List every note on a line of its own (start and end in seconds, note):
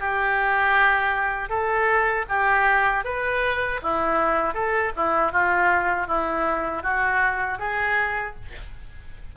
0.00 1.49 G4
1.49 2.25 A4
2.29 3.05 G4
3.05 3.81 B4
3.83 4.54 E4
4.54 4.92 A4
4.96 5.32 E4
5.32 6.08 F4
6.08 6.83 E4
6.83 7.59 F#4
7.59 8.35 G#4